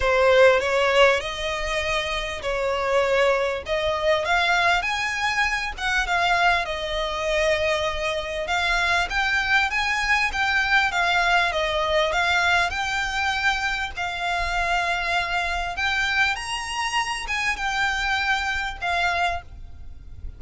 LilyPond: \new Staff \with { instrumentName = "violin" } { \time 4/4 \tempo 4 = 99 c''4 cis''4 dis''2 | cis''2 dis''4 f''4 | gis''4. fis''8 f''4 dis''4~ | dis''2 f''4 g''4 |
gis''4 g''4 f''4 dis''4 | f''4 g''2 f''4~ | f''2 g''4 ais''4~ | ais''8 gis''8 g''2 f''4 | }